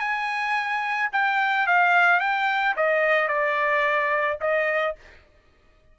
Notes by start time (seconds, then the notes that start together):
0.00 G#5
1.13 G5
1.67 F5
2.20 G5
2.77 D#5
3.29 D5
4.41 D#5